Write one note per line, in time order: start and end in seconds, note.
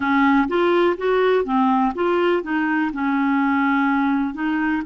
0.00 0.48 C#4
0.48 0.96 F4
0.97 1.44 F#4
1.44 1.92 C4
1.94 2.42 F4
2.42 2.91 D#4
2.93 4.34 C#4
4.34 4.82 D#4